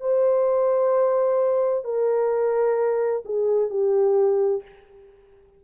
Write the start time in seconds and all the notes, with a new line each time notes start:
0.00 C5
1.84 A#4
3.25 G#4
3.70 G4